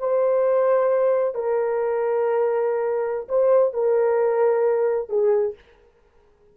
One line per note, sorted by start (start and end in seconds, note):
0.00 1.35 C5
1.35 3.28 A#4
3.29 3.74 C5
3.74 5.10 A#4
5.10 5.55 G#4